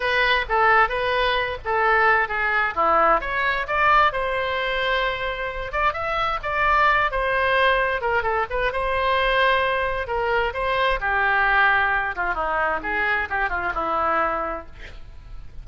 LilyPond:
\new Staff \with { instrumentName = "oboe" } { \time 4/4 \tempo 4 = 131 b'4 a'4 b'4. a'8~ | a'4 gis'4 e'4 cis''4 | d''4 c''2.~ | c''8 d''8 e''4 d''4. c''8~ |
c''4. ais'8 a'8 b'8 c''4~ | c''2 ais'4 c''4 | g'2~ g'8 f'8 dis'4 | gis'4 g'8 f'8 e'2 | }